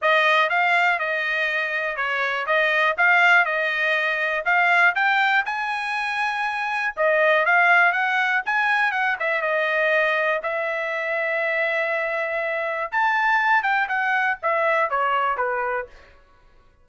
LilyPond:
\new Staff \with { instrumentName = "trumpet" } { \time 4/4 \tempo 4 = 121 dis''4 f''4 dis''2 | cis''4 dis''4 f''4 dis''4~ | dis''4 f''4 g''4 gis''4~ | gis''2 dis''4 f''4 |
fis''4 gis''4 fis''8 e''8 dis''4~ | dis''4 e''2.~ | e''2 a''4. g''8 | fis''4 e''4 cis''4 b'4 | }